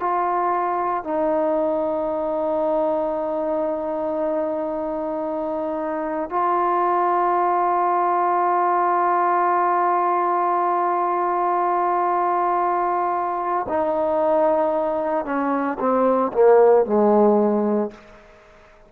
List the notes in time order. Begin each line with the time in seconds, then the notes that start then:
0.00 F4
1.04 D#4
6.30 F4
13.69 D#4
15.25 C#4
15.79 C4
16.33 A#3
16.86 G#3